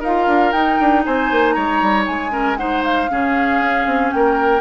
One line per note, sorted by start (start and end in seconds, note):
0.00 0.27 D#4
0.00 0.54 F4
0.00 1.03 A#4
0.00 0.52 F5
0.27 0.52 D4
0.52 0.78 D#4
0.52 2.31 D#4
0.52 1.03 G5
0.80 1.06 D4
1.05 1.31 C4
1.05 1.55 C5
1.05 1.52 G#5
1.31 1.56 A#3
1.52 1.82 G#3
1.52 2.32 C#5
1.52 2.03 A#5
1.82 2.07 G3
2.07 3.10 G#3
2.07 2.57 G#5
2.31 2.57 C#4
2.31 2.58 A#4
2.57 3.08 D#4
2.57 3.10 C5
2.57 2.83 F#5
2.84 4.11 F5
3.10 3.60 C#3
3.10 4.61 C#4
3.10 4.14 G#4
3.60 3.86 C#4
3.86 4.12 C4
4.11 4.61 A#3
4.11 4.61 A#4
4.11 4.61 G5